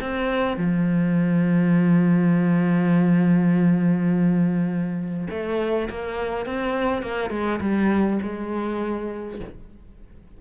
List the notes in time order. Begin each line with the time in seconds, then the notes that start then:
0.00 C4
0.57 F3
5.30 A3
5.89 A#3
6.45 C4
7.02 A#3
7.30 G#3
7.60 G3
8.22 G#3